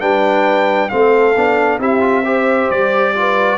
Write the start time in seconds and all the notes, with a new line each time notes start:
0.00 G3 D4 B4 G5
0.89 A3 C4 A4 F5
1.36 B3 D4
1.79 C4 E4 G4 E5
2.00 F4
2.25 G4 C5
2.70 G3 D5
3.15 F4 B4